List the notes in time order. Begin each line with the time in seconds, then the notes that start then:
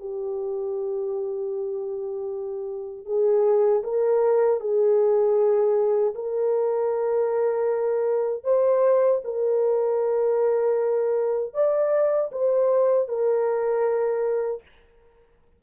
0.00 G4
3.06 G#4
3.84 A#4
4.60 G#4
6.15 A#4
8.44 C5
9.24 A#4
11.54 D5
12.32 C5
13.09 A#4